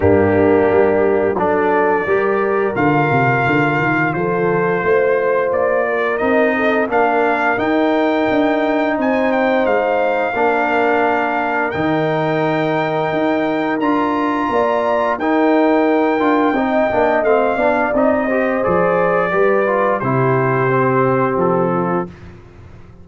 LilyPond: <<
  \new Staff \with { instrumentName = "trumpet" } { \time 4/4 \tempo 4 = 87 g'2 d''2 | f''2 c''2 | d''4 dis''4 f''4 g''4~ | g''4 gis''8 g''8 f''2~ |
f''4 g''2. | ais''2 g''2~ | g''4 f''4 dis''4 d''4~ | d''4 c''2 a'4 | }
  \new Staff \with { instrumentName = "horn" } { \time 4/4 d'2 a'4 ais'4~ | ais'2 a'4 c''4~ | c''8 ais'4 a'8 ais'2~ | ais'4 c''2 ais'4~ |
ais'1~ | ais'4 d''4 ais'2 | dis''4. d''4 c''4. | b'4 g'2~ g'8 f'8 | }
  \new Staff \with { instrumentName = "trombone" } { \time 4/4 ais2 d'4 g'4 | f'1~ | f'4 dis'4 d'4 dis'4~ | dis'2. d'4~ |
d'4 dis'2. | f'2 dis'4. f'8 | dis'8 d'8 c'8 d'8 dis'8 g'8 gis'4 | g'8 f'8 e'4 c'2 | }
  \new Staff \with { instrumentName = "tuba" } { \time 4/4 g,4 g4 fis4 g4 | d8 c8 d8 dis8 f4 a4 | ais4 c'4 ais4 dis'4 | d'4 c'4 gis4 ais4~ |
ais4 dis2 dis'4 | d'4 ais4 dis'4. d'8 | c'8 ais8 a8 b8 c'4 f4 | g4 c2 f4 | }
>>